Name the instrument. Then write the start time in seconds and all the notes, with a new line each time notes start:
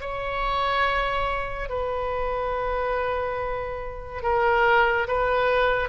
oboe
0.00 C#5
1.69 B4
4.22 A#4
5.07 B4